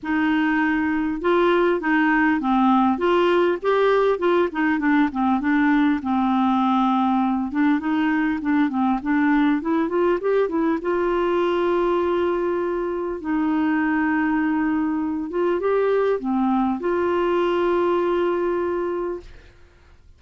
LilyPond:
\new Staff \with { instrumentName = "clarinet" } { \time 4/4 \tempo 4 = 100 dis'2 f'4 dis'4 | c'4 f'4 g'4 f'8 dis'8 | d'8 c'8 d'4 c'2~ | c'8 d'8 dis'4 d'8 c'8 d'4 |
e'8 f'8 g'8 e'8 f'2~ | f'2 dis'2~ | dis'4. f'8 g'4 c'4 | f'1 | }